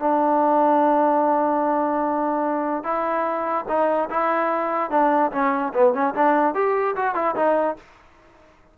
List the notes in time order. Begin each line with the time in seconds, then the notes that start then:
0.00 D4
2.84 E4
3.69 D#4
4.10 E4
4.91 D4
5.32 C#4
5.74 B3
5.94 C#4
6.15 D4
6.55 G4
6.96 F#4
7.15 E4
7.36 D#4